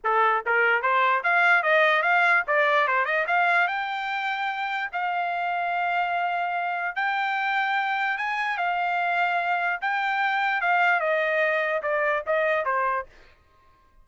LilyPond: \new Staff \with { instrumentName = "trumpet" } { \time 4/4 \tempo 4 = 147 a'4 ais'4 c''4 f''4 | dis''4 f''4 d''4 c''8 dis''8 | f''4 g''2. | f''1~ |
f''4 g''2. | gis''4 f''2. | g''2 f''4 dis''4~ | dis''4 d''4 dis''4 c''4 | }